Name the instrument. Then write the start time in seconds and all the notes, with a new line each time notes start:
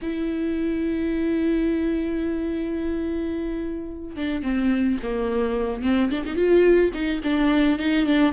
viola
0.02 E4
4.16 D4
4.42 C4
5.03 A#3
5.82 C4
6.10 D4
6.25 D#4
6.35 F4
6.93 D#4
7.23 D4
7.78 D#4
8.06 D4